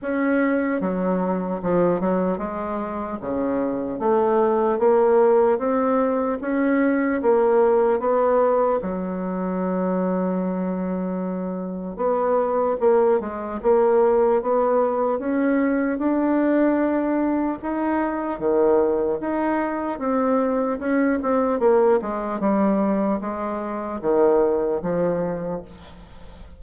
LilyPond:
\new Staff \with { instrumentName = "bassoon" } { \time 4/4 \tempo 4 = 75 cis'4 fis4 f8 fis8 gis4 | cis4 a4 ais4 c'4 | cis'4 ais4 b4 fis4~ | fis2. b4 |
ais8 gis8 ais4 b4 cis'4 | d'2 dis'4 dis4 | dis'4 c'4 cis'8 c'8 ais8 gis8 | g4 gis4 dis4 f4 | }